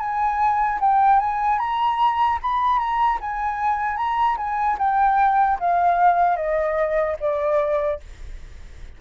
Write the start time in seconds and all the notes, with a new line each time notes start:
0.00 G#5
0.81 G5
1.20 G#5
1.59 A#5
2.43 B5
2.79 A#5
3.21 G#5
3.97 A#5
4.37 G#5
4.79 G5
5.60 F5
6.37 D#5
7.21 D5